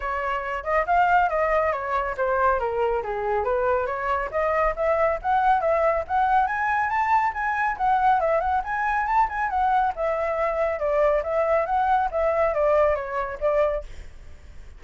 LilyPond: \new Staff \with { instrumentName = "flute" } { \time 4/4 \tempo 4 = 139 cis''4. dis''8 f''4 dis''4 | cis''4 c''4 ais'4 gis'4 | b'4 cis''4 dis''4 e''4 | fis''4 e''4 fis''4 gis''4 |
a''4 gis''4 fis''4 e''8 fis''8 | gis''4 a''8 gis''8 fis''4 e''4~ | e''4 d''4 e''4 fis''4 | e''4 d''4 cis''4 d''4 | }